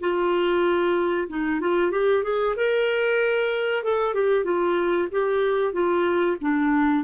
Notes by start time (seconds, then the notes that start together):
0.00 F4
1.29 D#4
1.60 F4
1.91 G4
2.23 G#4
2.56 A#4
3.83 A4
4.14 G4
4.44 F4
5.12 G4
5.73 F4
6.41 D4